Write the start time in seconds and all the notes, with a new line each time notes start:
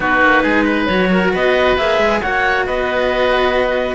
0.00 B3 D#4 F#4 B4
0.21 A#3
0.42 G#3 G#4
0.64 B4
0.85 F#3 F#4 C#5
1.11 A#4
1.32 B3 B4 D#5
1.77 A#3 G#4 E5
1.98 G#3
2.21 A#3 F#4 C#5 F#5
2.65 B3 B4 D#5